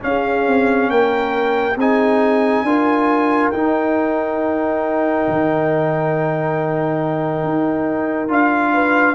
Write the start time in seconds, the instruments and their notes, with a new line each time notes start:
0.00 trombone C#4, tuba C#4, trumpet F5
0.07 horn G#4
0.47 tuba C4
0.89 tuba A#3, horn A#4, trumpet G5
1.76 tuba C4, trombone D#4, horn G#4, trumpet G#5
2.63 tuba D4, trombone F4, horn A#4
3.50 tuba D#4, trombone D#4, trumpet G5
5.28 tuba D#3
7.43 tuba D#4
8.28 tuba D4, trombone F4, trumpet F5
8.73 horn B4